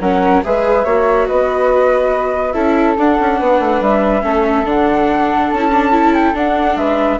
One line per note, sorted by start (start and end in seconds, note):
0.00 0.42 F#3
0.00 0.43 C#4
0.00 0.44 A#4
0.00 0.43 F#5
0.44 0.85 G#3
0.44 0.86 G#4
0.44 0.85 B4
0.44 1.27 E5
0.85 1.27 A#3
0.85 2.54 F#4
0.85 1.27 C#5
1.27 2.54 B3
1.27 2.54 B4
1.27 2.52 D#5
2.52 2.97 C#4
2.52 2.96 E4
2.52 3.38 A4
2.52 2.94 E5
2.98 3.19 D4
2.98 4.22 D4
2.98 3.82 F#5
3.20 3.41 C#4
3.39 3.60 B3
3.39 4.23 B4
3.60 3.81 A3
3.81 4.23 G3
3.81 4.67 E5
4.22 4.65 A3
4.22 4.64 C#4
4.22 6.78 A4
4.65 5.49 D3
4.65 5.58 D4
4.65 5.51 F#5
5.51 6.34 C#4
5.51 6.14 A5
5.58 5.69 E4
5.72 5.92 D4
5.92 6.34 E4
6.14 6.35 G5
6.34 6.76 D4
6.34 7.19 D4
6.34 6.77 F#5
6.76 7.18 G#3
6.76 7.20 B4
6.76 7.19 E5